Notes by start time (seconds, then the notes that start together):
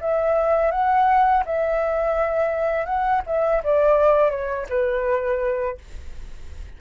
0.00 E5
0.71 F#5
1.45 E5
2.85 F#5
3.26 E5
3.63 D5
4.30 C#5
4.69 B4